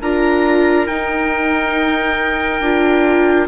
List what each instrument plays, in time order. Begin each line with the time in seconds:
0.00 bassoon D4, viola F4, trumpet A#4, oboe A#5
0.86 bassoon D#4, viola D#4, oboe G5
2.60 bassoon D4, viola F4